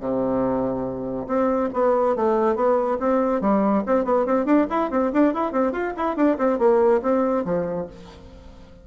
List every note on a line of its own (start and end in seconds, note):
0.00 1.27 C3
1.27 1.70 C4
1.74 2.16 B3
2.16 2.55 A3
2.55 2.98 B3
3.00 3.41 C4
3.41 3.83 G3
3.87 4.05 C4
4.05 4.26 B3
4.26 4.46 C4
4.46 4.67 D4
4.70 4.91 E4
4.91 5.12 C4
5.13 5.34 D4
5.34 5.52 E4
5.52 5.72 C4
5.72 5.93 F4
5.97 6.16 E4
6.16 6.37 D4
6.38 6.59 C4
6.59 7.01 A#3
7.03 7.45 C4
7.45 7.87 F3